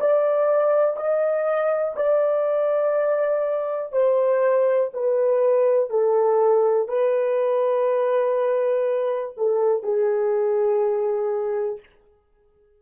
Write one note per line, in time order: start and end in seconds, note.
0.00 0.97 D5
0.97 1.95 D#5
1.96 3.92 D5
3.92 4.90 C5
4.93 5.90 B4
5.90 6.88 A4
6.88 9.34 B4
9.37 9.83 A4
9.83 11.79 G#4